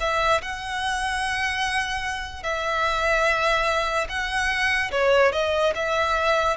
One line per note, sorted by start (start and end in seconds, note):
0.00 0.41 E5
0.41 2.43 F#5
2.43 4.07 E5
4.09 4.91 F#5
4.91 5.32 C#5
5.32 5.73 D#5
5.75 6.56 E5